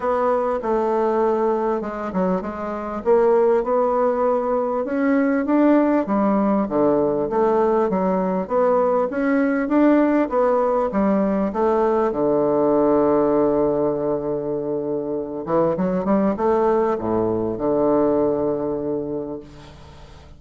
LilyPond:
\new Staff \with { instrumentName = "bassoon" } { \time 4/4 \tempo 4 = 99 b4 a2 gis8 fis8 | gis4 ais4 b2 | cis'4 d'4 g4 d4 | a4 fis4 b4 cis'4 |
d'4 b4 g4 a4 | d1~ | d4. e8 fis8 g8 a4 | a,4 d2. | }